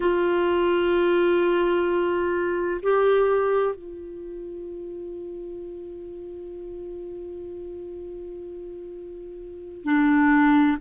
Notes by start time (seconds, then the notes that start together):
0.00 F4
2.82 G4
3.75 F4
9.84 D4